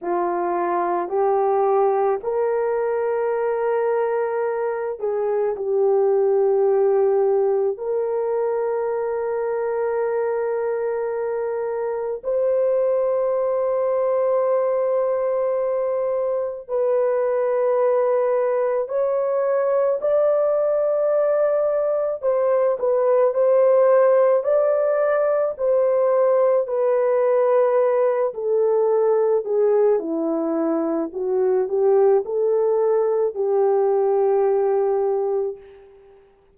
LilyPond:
\new Staff \with { instrumentName = "horn" } { \time 4/4 \tempo 4 = 54 f'4 g'4 ais'2~ | ais'8 gis'8 g'2 ais'4~ | ais'2. c''4~ | c''2. b'4~ |
b'4 cis''4 d''2 | c''8 b'8 c''4 d''4 c''4 | b'4. a'4 gis'8 e'4 | fis'8 g'8 a'4 g'2 | }